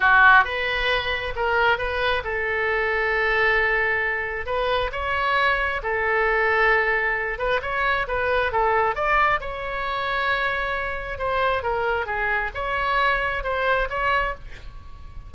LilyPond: \new Staff \with { instrumentName = "oboe" } { \time 4/4 \tempo 4 = 134 fis'4 b'2 ais'4 | b'4 a'2.~ | a'2 b'4 cis''4~ | cis''4 a'2.~ |
a'8 b'8 cis''4 b'4 a'4 | d''4 cis''2.~ | cis''4 c''4 ais'4 gis'4 | cis''2 c''4 cis''4 | }